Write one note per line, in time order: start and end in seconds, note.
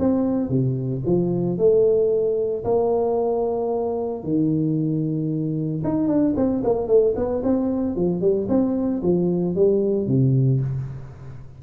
0.00 0.49 C4
0.49 1.03 C3
1.06 1.58 F3
1.58 2.65 A3
2.65 4.24 A#3
4.24 5.83 D#3
5.84 6.08 D#4
6.08 6.35 D4
6.36 6.63 C4
6.64 6.88 A#3
6.88 7.14 A3
7.16 7.43 B3
7.44 7.96 C4
7.96 8.21 F3
8.21 8.48 G3
8.49 9.02 C4
9.03 9.56 F3
9.56 10.08 G3
10.08 10.61 C3